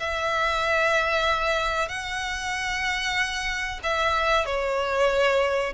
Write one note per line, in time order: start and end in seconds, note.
0.00 1.89 E5
1.89 3.80 F#5
3.84 4.46 E5
4.46 5.74 C#5